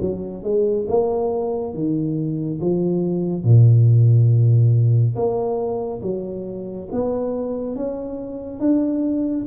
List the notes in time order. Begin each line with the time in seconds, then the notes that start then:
0.00 F#3
0.43 G#3
0.88 A#3
1.73 D#3
2.60 F3
3.43 A#2
5.15 A#3
6.02 F#3
6.92 B3
7.75 C#4
8.59 D4